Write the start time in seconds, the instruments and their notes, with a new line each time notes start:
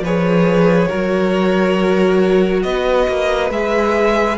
0.00 cello F3, viola G#4, violin B4 C#5
0.88 cello F#3, viola F#4, violin A#4
2.62 cello B3, violin B4 D#5
3.07 cello A#3
3.50 cello G#3, viola G#4, violin E5